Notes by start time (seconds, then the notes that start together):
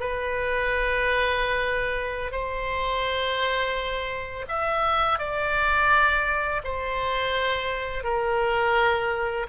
0.00 B4
2.31 C5
4.48 E5
5.19 D5
6.64 C5
8.03 A#4